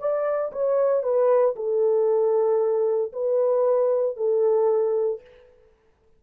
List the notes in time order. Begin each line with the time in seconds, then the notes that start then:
0.00 D5
0.53 C#5
1.03 B4
1.56 A4
3.13 B4
4.17 A4